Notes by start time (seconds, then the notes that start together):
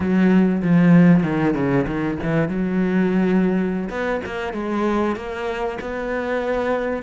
0.00 F#3
0.62 F3
1.23 D#3
1.54 C#3
1.87 D#3
2.22 E3
2.48 F#3
3.89 B3
4.25 A#3
4.53 G#3
5.16 A#3
5.80 B3